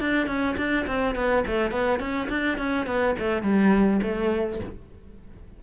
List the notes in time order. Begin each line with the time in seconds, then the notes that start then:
0.00 D4
0.27 C#4
0.57 D4
0.87 C4
1.15 B3
1.47 A3
1.71 B3
2.00 C#4
2.29 D4
2.58 C#4
2.86 B3
3.19 A3
3.42 G3
4.03 A3